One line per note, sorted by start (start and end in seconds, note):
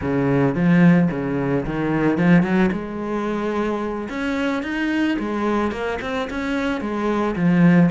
0.01 0.55 C#3
0.55 1.09 F3
1.11 1.65 C#3
1.65 2.17 D#3
2.17 2.42 F3
2.42 2.70 F#3
2.71 4.08 G#3
4.09 4.62 C#4
4.62 5.17 D#4
5.19 5.71 G#3
5.71 5.99 A#3
6.01 6.28 C4
6.30 6.80 C#4
6.80 7.35 G#3
7.35 7.90 F3